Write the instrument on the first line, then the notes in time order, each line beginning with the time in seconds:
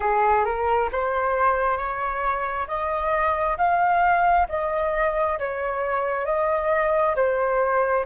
flute
0.00 G#4
0.44 A#4
0.92 C5
1.77 C#5
2.67 D#5
3.57 F5
4.48 D#5
5.38 C#5
6.25 D#5
7.15 C5